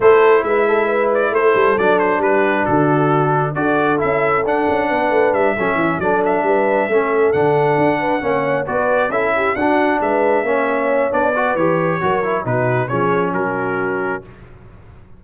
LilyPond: <<
  \new Staff \with { instrumentName = "trumpet" } { \time 4/4 \tempo 4 = 135 c''4 e''4. d''8 c''4 | d''8 c''8 b'4 a'2 | d''4 e''4 fis''2 | e''4. d''8 e''2~ |
e''8 fis''2. d''8~ | d''8 e''4 fis''4 e''4.~ | e''4 d''4 cis''2 | b'4 cis''4 ais'2 | }
  \new Staff \with { instrumentName = "horn" } { \time 4/4 a'4 b'8 a'8 b'4 a'4~ | a'4 g'4 fis'2 | a'2. b'4~ | b'8 a'8 e'8 a'4 b'4 a'8~ |
a'2 b'8 cis''4 b'8~ | b'8 a'8 g'8 fis'4 b'4 cis''8~ | cis''4. b'4. ais'4 | fis'4 gis'4 fis'2 | }
  \new Staff \with { instrumentName = "trombone" } { \time 4/4 e'1 | d'1 | fis'4 e'4 d'2~ | d'8 cis'4 d'2 cis'8~ |
cis'8 d'2 cis'4 fis'8~ | fis'8 e'4 d'2 cis'8~ | cis'4 d'8 fis'8 g'4 fis'8 e'8 | dis'4 cis'2. | }
  \new Staff \with { instrumentName = "tuba" } { \time 4/4 a4 gis2 a8 g8 | fis4 g4 d2 | d'4 cis'4 d'8 cis'8 b8 a8 | g8 fis8 e8 fis4 g4 a8~ |
a8 d4 d'4 ais4 b8~ | b8 cis'4 d'4 gis4 ais8~ | ais4 b4 e4 fis4 | b,4 f4 fis2 | }
>>